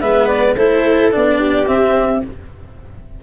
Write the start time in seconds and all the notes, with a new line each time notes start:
0.00 G#3 B3 B4 E5
0.27 D5
0.55 A3 E4 A4 C5
1.11 B3 D4 D5
1.39 G4
1.66 C4 E5